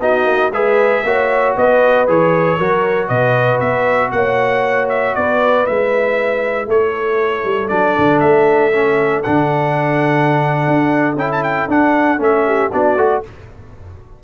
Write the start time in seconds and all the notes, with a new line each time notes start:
0.00 B3 D#4 F#4 D#5
0.26 A#3
0.51 G#3 G#4 B4 E5
1.04 A#3 F#4 C#5
1.56 B3 B4 D#5
2.07 E3 G#4 C#5
2.58 F#3 F#4 A#4
3.08 B2 B4 D#5
3.60 B3 E5
4.12 A#3 C#5 F#5
4.89 E5
5.15 B3 B4 D5
5.66 G#3 E4 E5
6.67 A3 A4 C#5
7.44 G3
7.68 F#3 D4 D5
7.98 D3
8.20 A3 E5
8.73 C#4
9.23 D3 D4 F#5
10.67 D4
11.15 C#4 E4 G5
11.32 A5
11.43 G5
11.68 D4 F#5
12.18 A3 C#4 E5
12.46 G4
12.72 B3 D4 F#4 D5
12.96 A3 F#4